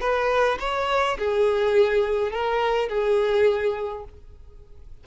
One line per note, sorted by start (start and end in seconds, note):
0.00 0.58 B4
0.59 1.17 C#5
1.18 2.31 G#4
2.31 2.88 A#4
2.88 4.04 G#4